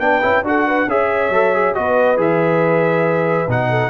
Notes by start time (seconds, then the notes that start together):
0.00 B3 D4 B4 G5
0.22 C#4 E4
0.43 D4 F#4 A4 F#5
0.67 B4
0.87 C#4 G#4 C#5 E5
1.30 F#3 A4
1.55 G#4
1.75 B3 F#4 B4 D#5
2.17 E3 G#4 E5
3.48 B2 D#4 F#5
3.70 A4